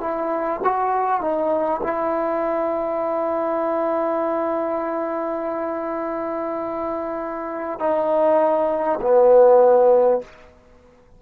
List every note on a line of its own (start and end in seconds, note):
0.00 0.60 E4
0.64 1.21 F#4
1.21 1.81 D#4
1.83 7.79 E4
7.79 8.99 D#4
9.01 10.21 B3